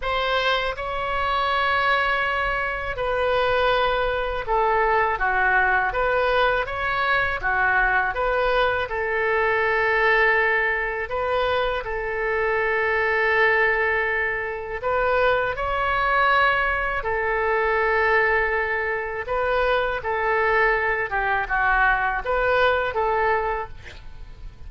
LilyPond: \new Staff \with { instrumentName = "oboe" } { \time 4/4 \tempo 4 = 81 c''4 cis''2. | b'2 a'4 fis'4 | b'4 cis''4 fis'4 b'4 | a'2. b'4 |
a'1 | b'4 cis''2 a'4~ | a'2 b'4 a'4~ | a'8 g'8 fis'4 b'4 a'4 | }